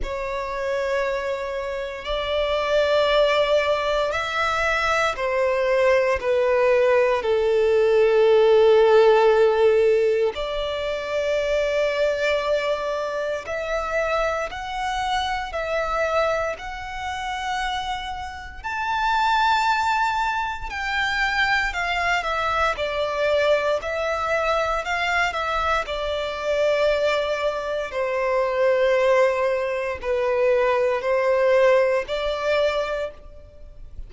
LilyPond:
\new Staff \with { instrumentName = "violin" } { \time 4/4 \tempo 4 = 58 cis''2 d''2 | e''4 c''4 b'4 a'4~ | a'2 d''2~ | d''4 e''4 fis''4 e''4 |
fis''2 a''2 | g''4 f''8 e''8 d''4 e''4 | f''8 e''8 d''2 c''4~ | c''4 b'4 c''4 d''4 | }